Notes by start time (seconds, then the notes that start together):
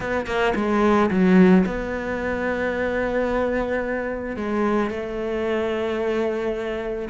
0.00 B3
0.26 A#3
0.55 G#3
1.10 F#3
1.65 B3
4.36 G#3
4.90 A3